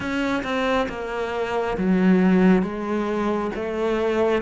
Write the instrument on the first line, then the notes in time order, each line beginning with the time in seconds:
cello
0.00 C#4
0.43 C4
0.88 A#3
1.77 F#3
2.62 G#3
3.55 A3